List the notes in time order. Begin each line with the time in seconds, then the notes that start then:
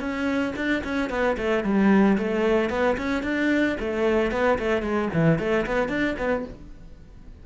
0.00 C#4
0.56 D4
0.84 C#4
1.10 B3
1.37 A3
1.64 G3
2.18 A3
2.70 B3
2.98 C#4
3.23 D4
3.80 A3
4.31 B3
4.59 A3
4.82 G#3
5.14 E3
5.39 A3
5.66 B3
5.89 D4
6.18 B3